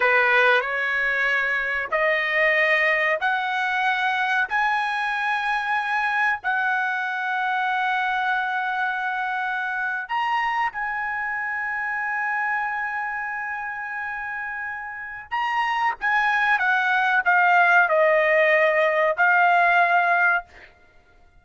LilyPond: \new Staff \with { instrumentName = "trumpet" } { \time 4/4 \tempo 4 = 94 b'4 cis''2 dis''4~ | dis''4 fis''2 gis''4~ | gis''2 fis''2~ | fis''2.~ fis''8. ais''16~ |
ais''8. gis''2.~ gis''16~ | gis''1 | ais''4 gis''4 fis''4 f''4 | dis''2 f''2 | }